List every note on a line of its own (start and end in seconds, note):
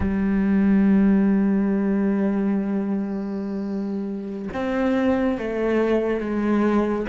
0.00 4.48 G3
4.54 5.37 C4
5.37 6.20 A3
6.20 7.06 G#3